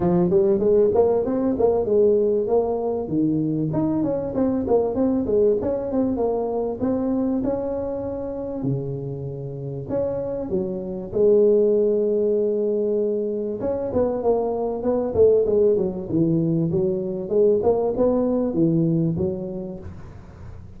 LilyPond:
\new Staff \with { instrumentName = "tuba" } { \time 4/4 \tempo 4 = 97 f8 g8 gis8 ais8 c'8 ais8 gis4 | ais4 dis4 dis'8 cis'8 c'8 ais8 | c'8 gis8 cis'8 c'8 ais4 c'4 | cis'2 cis2 |
cis'4 fis4 gis2~ | gis2 cis'8 b8 ais4 | b8 a8 gis8 fis8 e4 fis4 | gis8 ais8 b4 e4 fis4 | }